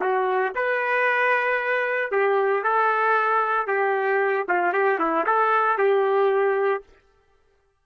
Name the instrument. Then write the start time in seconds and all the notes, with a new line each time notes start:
trumpet
0.00 F#4
0.55 B4
2.11 G4
2.63 A4
3.67 G4
4.48 F4
4.73 G4
4.99 E4
5.26 A4
5.78 G4